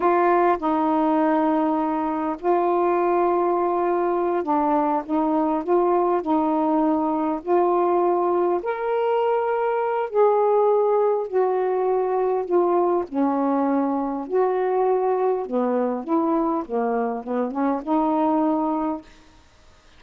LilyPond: \new Staff \with { instrumentName = "saxophone" } { \time 4/4 \tempo 4 = 101 f'4 dis'2. | f'2.~ f'8 d'8~ | d'8 dis'4 f'4 dis'4.~ | dis'8 f'2 ais'4.~ |
ais'4 gis'2 fis'4~ | fis'4 f'4 cis'2 | fis'2 b4 e'4 | ais4 b8 cis'8 dis'2 | }